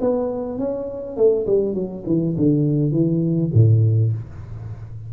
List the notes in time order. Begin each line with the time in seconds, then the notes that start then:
0.00 B3
0.58 C#4
1.16 A3
1.46 G3
1.74 F#3
2.06 E3
2.36 D3
2.91 E3
3.53 A2